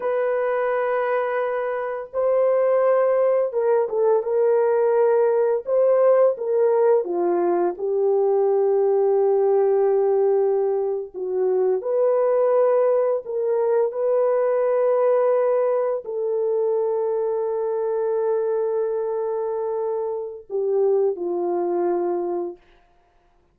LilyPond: \new Staff \with { instrumentName = "horn" } { \time 4/4 \tempo 4 = 85 b'2. c''4~ | c''4 ais'8 a'8 ais'2 | c''4 ais'4 f'4 g'4~ | g'2.~ g'8. fis'16~ |
fis'8. b'2 ais'4 b'16~ | b'2~ b'8. a'4~ a'16~ | a'1~ | a'4 g'4 f'2 | }